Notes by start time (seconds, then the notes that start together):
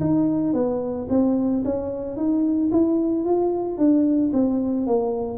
0.00 D#4
0.53 B3
1.09 C4
1.64 C#4
2.16 D#4
2.72 E4
3.25 F4
3.78 D4
4.33 C4
4.86 A#3